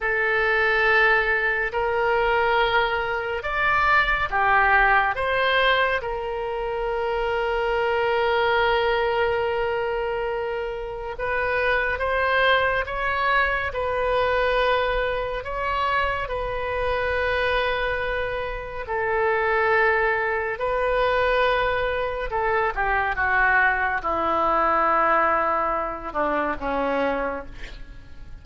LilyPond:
\new Staff \with { instrumentName = "oboe" } { \time 4/4 \tempo 4 = 70 a'2 ais'2 | d''4 g'4 c''4 ais'4~ | ais'1~ | ais'4 b'4 c''4 cis''4 |
b'2 cis''4 b'4~ | b'2 a'2 | b'2 a'8 g'8 fis'4 | e'2~ e'8 d'8 cis'4 | }